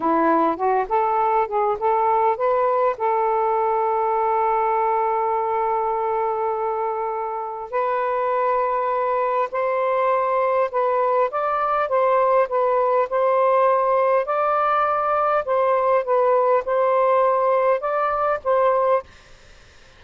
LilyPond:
\new Staff \with { instrumentName = "saxophone" } { \time 4/4 \tempo 4 = 101 e'4 fis'8 a'4 gis'8 a'4 | b'4 a'2.~ | a'1~ | a'4 b'2. |
c''2 b'4 d''4 | c''4 b'4 c''2 | d''2 c''4 b'4 | c''2 d''4 c''4 | }